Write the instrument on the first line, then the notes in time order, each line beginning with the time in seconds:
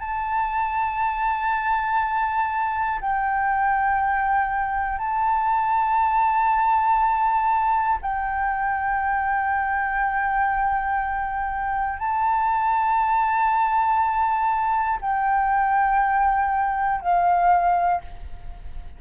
flute
0.00 A5
3.00 G5
4.99 A5
8.02 G5
11.99 A5
15.01 G5
17.01 F5